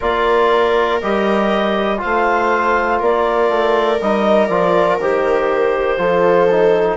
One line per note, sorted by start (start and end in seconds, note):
0.00 1.01 A#3
0.00 1.01 F4
0.00 2.00 A#4
0.00 1.01 D5
1.01 2.02 G3
1.01 1.97 G4
1.01 1.99 D#5
1.97 3.97 F4
1.97 2.99 C5
1.97 2.99 F5
2.04 3.00 A3
2.99 3.49 A#3
2.99 5.99 A#4
2.99 4.00 D5
3.49 3.99 A3
4.00 4.49 G3
4.00 4.49 D#4
4.00 4.46 D#5
4.46 4.99 F3
4.46 4.99 F4
4.46 4.96 D5
5.00 5.97 D#3
5.00 5.97 G4
5.00 6.97 C5
5.97 6.97 F3
5.97 6.47 F4
5.97 6.97 A4
6.51 6.97 D#4